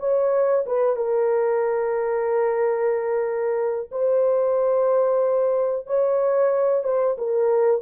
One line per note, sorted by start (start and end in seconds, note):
0.00 0.65 C#5
0.67 0.96 B4
0.96 3.90 A#4
3.92 5.87 C5
5.87 6.84 C#5
6.84 7.17 C5
7.18 7.82 A#4